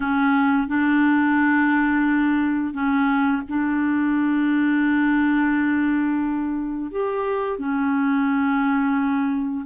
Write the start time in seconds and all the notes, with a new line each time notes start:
0.00 C#4
0.67 D4
2.73 C#4
3.48 D4
6.91 G4
7.59 C#4